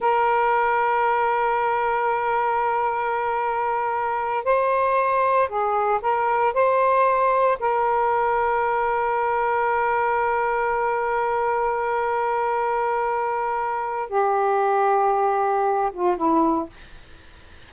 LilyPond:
\new Staff \with { instrumentName = "saxophone" } { \time 4/4 \tempo 4 = 115 ais'1~ | ais'1~ | ais'8 c''2 gis'4 ais'8~ | ais'8 c''2 ais'4.~ |
ais'1~ | ais'1~ | ais'2. g'4~ | g'2~ g'8 f'8 e'4 | }